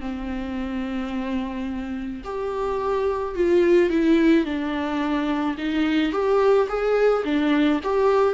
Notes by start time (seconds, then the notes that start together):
0.00 C4
2.24 G4
3.35 F4
3.90 E4
4.45 D4
5.58 D#4
6.12 G4
6.68 G#4
7.25 D4
7.83 G4